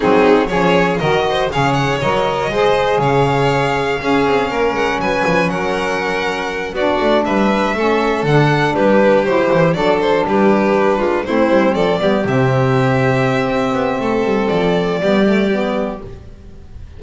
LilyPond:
<<
  \new Staff \with { instrumentName = "violin" } { \time 4/4 \tempo 4 = 120 gis'4 cis''4 dis''4 f''8 fis''8 | dis''2 f''2~ | f''4. fis''8 gis''4 fis''4~ | fis''4. d''4 e''4.~ |
e''8 fis''4 b'4 c''4 d''8 | c''8 b'2 c''4 d''8~ | d''8 e''2.~ e''8~ | e''4 d''2. | }
  \new Staff \with { instrumentName = "violin" } { \time 4/4 dis'4 gis'4 ais'8 c''8 cis''4~ | cis''4 c''4 cis''2 | gis'4 ais'4 b'4 ais'4~ | ais'4. fis'4 b'4 a'8~ |
a'4. g'2 a'8~ | a'8 g'4. f'8 e'4 a'8 | g'1 | a'2 g'2 | }
  \new Staff \with { instrumentName = "saxophone" } { \time 4/4 c'4 cis'4 fis'4 gis'4 | ais'4 gis'2. | cis'1~ | cis'4. d'2 cis'8~ |
cis'8 d'2 e'4 d'8~ | d'2~ d'8 c'4. | b8 c'2.~ c'8~ | c'2 b8 a8 b4 | }
  \new Staff \with { instrumentName = "double bass" } { \time 4/4 fis4 f4 dis4 cis4 | fis4 gis4 cis2 | cis'8 c'8 ais8 gis8 fis8 f8 fis4~ | fis4. b8 a8 g4 a8~ |
a8 d4 g4 fis8 e8 fis8~ | fis8 g4. gis8 a8 g8 f8 | g8 c2~ c8 c'8 b8 | a8 g8 f4 g2 | }
>>